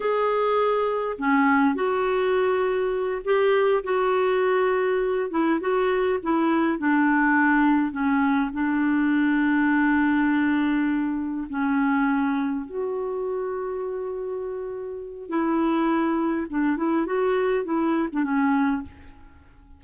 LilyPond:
\new Staff \with { instrumentName = "clarinet" } { \time 4/4 \tempo 4 = 102 gis'2 cis'4 fis'4~ | fis'4. g'4 fis'4.~ | fis'4 e'8 fis'4 e'4 d'8~ | d'4. cis'4 d'4.~ |
d'2.~ d'8 cis'8~ | cis'4. fis'2~ fis'8~ | fis'2 e'2 | d'8 e'8 fis'4 e'8. d'16 cis'4 | }